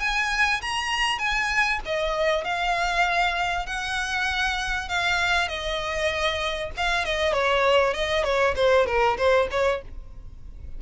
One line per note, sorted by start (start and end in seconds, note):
0.00 0.61 G#5
0.62 1.19 A#5
1.19 1.80 G#5
1.86 2.45 D#5
2.45 3.67 F5
3.67 4.89 F#5
4.89 5.49 F5
5.49 6.71 D#5
6.77 7.05 F5
7.05 7.34 D#5
7.34 7.94 C#5
7.94 8.24 D#5
8.24 8.55 C#5
8.56 8.87 C5
8.87 9.17 A#4
9.18 9.48 C5
9.51 9.82 C#5